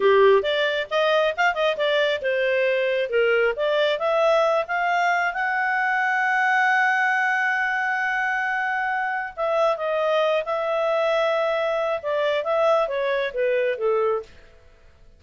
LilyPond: \new Staff \with { instrumentName = "clarinet" } { \time 4/4 \tempo 4 = 135 g'4 d''4 dis''4 f''8 dis''8 | d''4 c''2 ais'4 | d''4 e''4. f''4. | fis''1~ |
fis''1~ | fis''4 e''4 dis''4. e''8~ | e''2. d''4 | e''4 cis''4 b'4 a'4 | }